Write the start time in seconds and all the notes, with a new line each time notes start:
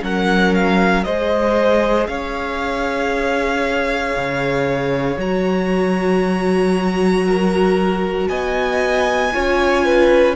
0.00 F#3 C#4 A#4 F#5
0.54 F5
1.03 G#3 G#4 C5 D#5
2.07 C#4 C#5 F5
4.16 C#3
5.17 F#3 F#4 A#5
7.26 A#4
8.28 B3 D#5 G#5
9.32 C#4 F4 C#5
9.85 B4